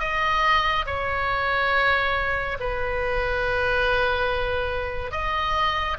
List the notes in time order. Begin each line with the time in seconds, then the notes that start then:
0.00 D#5
0.86 C#5
2.60 B4
5.11 D#5